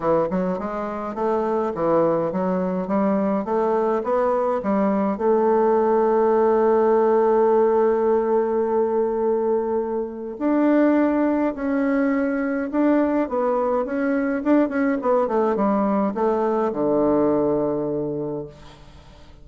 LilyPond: \new Staff \with { instrumentName = "bassoon" } { \time 4/4 \tempo 4 = 104 e8 fis8 gis4 a4 e4 | fis4 g4 a4 b4 | g4 a2.~ | a1~ |
a2 d'2 | cis'2 d'4 b4 | cis'4 d'8 cis'8 b8 a8 g4 | a4 d2. | }